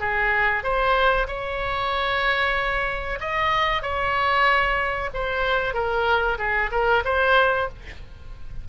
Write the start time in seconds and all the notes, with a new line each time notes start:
0.00 G#4
0.64 C5
1.28 C#5
3.21 D#5
3.83 C#5
5.14 C5
5.74 A#4
6.39 G#4
6.72 A#4
7.05 C5